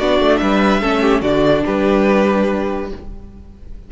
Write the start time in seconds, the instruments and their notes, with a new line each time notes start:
0.00 cello B3, viola D4, violin F#4 D5
0.20 cello A3
0.38 cello G3, violin B4 E5
0.82 cello A3, viola C#4, violin A4
1.02 violin G4
1.22 cello D3, viola D4, violin F#4 D5
1.66 cello G3, violin G4 B4